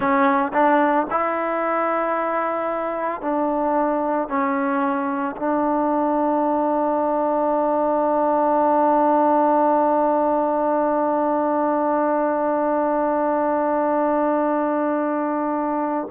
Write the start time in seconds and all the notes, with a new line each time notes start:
0.00 C#4
0.53 D4
1.10 E4
3.21 D4
4.28 C#4
5.36 D4